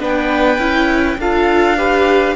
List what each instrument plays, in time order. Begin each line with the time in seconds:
0.00 cello B3, viola D4, oboe B4, violin G5
0.58 cello C#4, viola E4
1.18 cello D4, viola F4, oboe A4, violin F5
1.77 viola G4, oboe B4